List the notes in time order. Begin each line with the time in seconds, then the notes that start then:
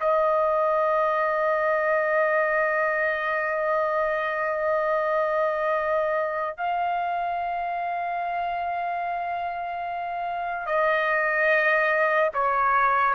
0.00 D#5
6.56 F5
10.66 D#5
12.33 C#5